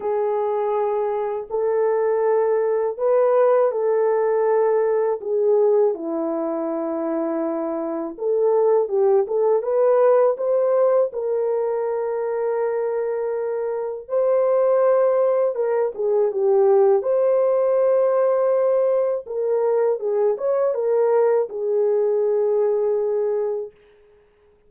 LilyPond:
\new Staff \with { instrumentName = "horn" } { \time 4/4 \tempo 4 = 81 gis'2 a'2 | b'4 a'2 gis'4 | e'2. a'4 | g'8 a'8 b'4 c''4 ais'4~ |
ais'2. c''4~ | c''4 ais'8 gis'8 g'4 c''4~ | c''2 ais'4 gis'8 cis''8 | ais'4 gis'2. | }